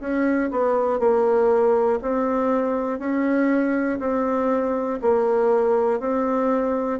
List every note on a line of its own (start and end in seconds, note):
0.00 0.50 C#4
0.50 0.99 B3
0.99 1.99 A#3
2.02 2.99 C4
2.99 3.99 C#4
3.99 4.99 C4
5.01 5.99 A#3
5.99 6.99 C4